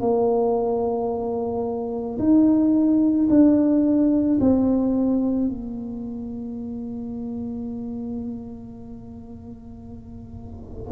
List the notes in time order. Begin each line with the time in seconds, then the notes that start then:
0.00 A#3
2.19 D#4
3.30 D4
4.40 C4
5.48 A#3